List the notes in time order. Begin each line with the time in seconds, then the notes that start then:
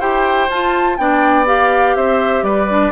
0.00 E4 G4 C5 G5
0.49 F4 A5
0.97 B3 D4 D5 G5
1.46 G4 F5
1.96 C4 C5 E5
2.43 G3 B4 D5
2.69 D4